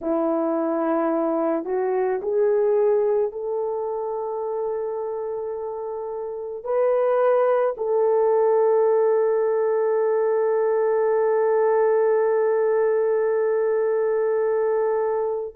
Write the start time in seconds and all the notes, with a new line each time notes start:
0.01 E4
1.64 F#4
2.22 G#4
3.32 A4
6.64 B4
7.77 A4